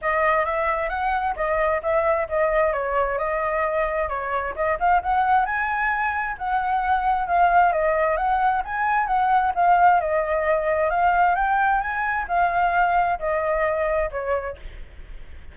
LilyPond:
\new Staff \with { instrumentName = "flute" } { \time 4/4 \tempo 4 = 132 dis''4 e''4 fis''4 dis''4 | e''4 dis''4 cis''4 dis''4~ | dis''4 cis''4 dis''8 f''8 fis''4 | gis''2 fis''2 |
f''4 dis''4 fis''4 gis''4 | fis''4 f''4 dis''2 | f''4 g''4 gis''4 f''4~ | f''4 dis''2 cis''4 | }